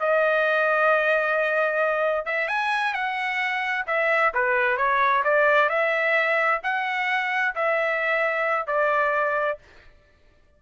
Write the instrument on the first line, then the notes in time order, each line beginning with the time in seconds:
trumpet
0.00 D#5
2.26 E5
2.48 G#5
2.94 F#5
3.87 E5
4.35 B4
4.78 C#5
5.24 D5
5.70 E5
6.63 F#5
7.56 E5
8.67 D5